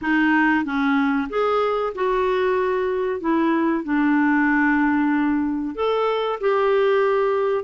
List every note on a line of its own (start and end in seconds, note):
0.01 0.64 D#4
0.64 1.28 C#4
1.29 1.93 G#4
1.94 3.20 F#4
3.20 3.84 E4
3.84 5.75 D4
5.75 6.39 A4
6.40 7.64 G4